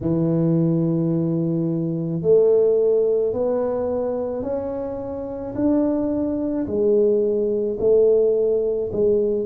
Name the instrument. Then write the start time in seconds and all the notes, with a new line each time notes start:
tuba
0.01 E3
2.22 A3
3.33 B3
4.42 C#4
5.55 D4
6.66 G#3
7.79 A3
8.92 G#3